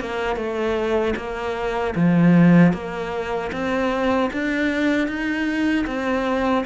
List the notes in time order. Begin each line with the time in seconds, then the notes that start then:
0.00 A#3
0.36 A3
1.16 A#3
1.95 F3
2.73 A#3
3.52 C4
4.32 D4
5.08 D#4
5.86 C4